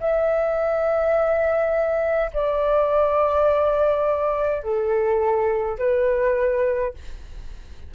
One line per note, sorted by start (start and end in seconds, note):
0.00 2.31 E5
2.33 4.63 D5
4.63 5.78 A4
5.78 6.93 B4